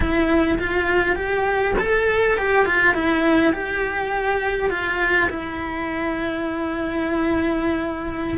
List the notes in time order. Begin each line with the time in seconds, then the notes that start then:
0.00 E4
0.58 F4
1.15 G4
1.78 A4
2.37 G4
2.65 F4
2.94 E4
3.52 G4
4.70 F4
5.29 E4